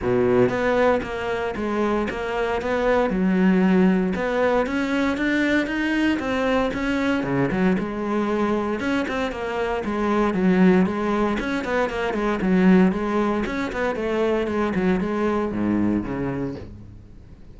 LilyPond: \new Staff \with { instrumentName = "cello" } { \time 4/4 \tempo 4 = 116 b,4 b4 ais4 gis4 | ais4 b4 fis2 | b4 cis'4 d'4 dis'4 | c'4 cis'4 cis8 fis8 gis4~ |
gis4 cis'8 c'8 ais4 gis4 | fis4 gis4 cis'8 b8 ais8 gis8 | fis4 gis4 cis'8 b8 a4 | gis8 fis8 gis4 gis,4 cis4 | }